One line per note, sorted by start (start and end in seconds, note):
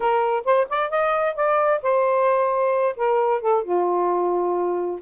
0.00 0.44 A#4
0.44 0.67 C5
0.69 0.90 D5
0.90 1.35 D#5
1.35 1.81 D5
1.82 2.95 C5
2.96 3.41 A#4
3.41 3.63 A4
3.63 5.00 F4